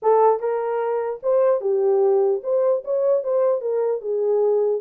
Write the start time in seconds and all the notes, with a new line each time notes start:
0.02 A4
0.39 A#4
1.22 C5
1.60 G4
2.43 C5
2.84 C#5
3.23 C5
3.61 A#4
4.01 G#4